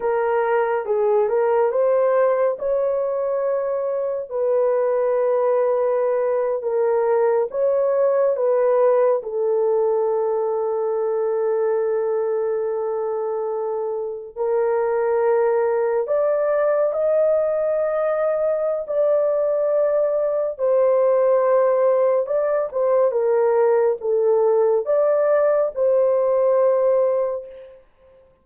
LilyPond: \new Staff \with { instrumentName = "horn" } { \time 4/4 \tempo 4 = 70 ais'4 gis'8 ais'8 c''4 cis''4~ | cis''4 b'2~ b'8. ais'16~ | ais'8. cis''4 b'4 a'4~ a'16~ | a'1~ |
a'8. ais'2 d''4 dis''16~ | dis''2 d''2 | c''2 d''8 c''8 ais'4 | a'4 d''4 c''2 | }